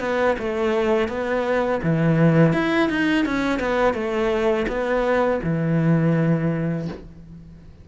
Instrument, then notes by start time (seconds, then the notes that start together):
cello
0.00 B3
0.38 A3
1.08 B3
1.83 E3
2.53 E4
2.89 D#4
3.25 C#4
3.59 B3
3.94 A3
4.68 B3
5.44 E3